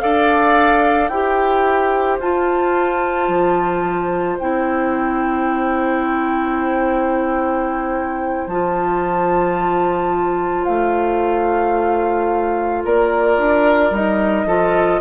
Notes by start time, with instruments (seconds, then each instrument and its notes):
0.00 bassoon D4, clarinet A4, oboe D5, flute F5
1.08 bassoon E4, clarinet G4, oboe C5, flute G5
2.20 bassoon F4, clarinet F4, flute A5
3.28 bassoon F3
4.39 bassoon C4, clarinet E4, flute G5
8.47 bassoon F3, clarinet F4, flute A5
10.65 bassoon A3, flute F5
12.85 bassoon A#3, oboe A#4, flute D5
13.37 bassoon D4
13.90 bassoon G3, clarinet D#4, flute D#5
14.45 bassoon F3, clarinet F4, oboe A4